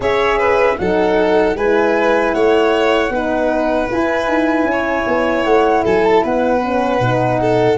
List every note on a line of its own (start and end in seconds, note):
0.00 0.76 C#4
0.00 0.77 G#4
0.00 0.37 C#5
0.00 0.78 E5
0.37 0.76 B4
0.78 1.55 F#3
0.78 1.57 D#4
0.78 1.56 A4
0.78 1.56 F#5
1.55 2.32 G#3
1.55 3.13 E4
1.55 2.34 B4
1.55 2.32 G#5
2.32 3.09 A3
2.32 3.12 C#5
2.32 3.88 F#5
3.09 3.87 B3
3.09 3.87 D#4
3.09 4.70 B4
3.87 6.60 E4
3.87 4.27 E4
3.87 5.44 G#5
4.27 4.63 D#4
4.63 5.02 C#4
4.71 5.84 C#5
5.06 5.45 B3
5.44 5.84 A3
5.44 5.83 F#5
5.84 6.24 F#3
5.84 6.23 A4
5.84 6.04 G#5
6.04 6.24 A5
6.23 7.00 B3
6.23 7.40 B4
6.23 7.78 F#5
6.62 6.99 C#4
6.99 7.77 B2
6.99 7.77 D#4
7.41 7.78 A4